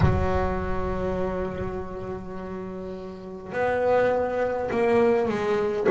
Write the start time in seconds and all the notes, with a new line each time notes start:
0.00 F#3
3.52 B3
4.71 A#3
5.28 G#3